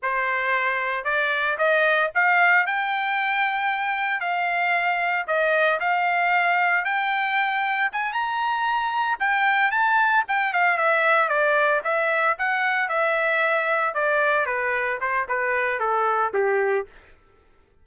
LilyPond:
\new Staff \with { instrumentName = "trumpet" } { \time 4/4 \tempo 4 = 114 c''2 d''4 dis''4 | f''4 g''2. | f''2 dis''4 f''4~ | f''4 g''2 gis''8 ais''8~ |
ais''4. g''4 a''4 g''8 | f''8 e''4 d''4 e''4 fis''8~ | fis''8 e''2 d''4 b'8~ | b'8 c''8 b'4 a'4 g'4 | }